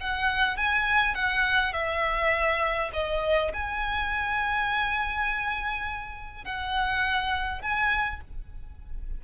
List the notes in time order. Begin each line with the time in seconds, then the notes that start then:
0.00 F#5
0.57 G#5
1.15 F#5
1.73 E5
2.93 D#5
3.53 G#5
6.44 F#5
7.62 G#5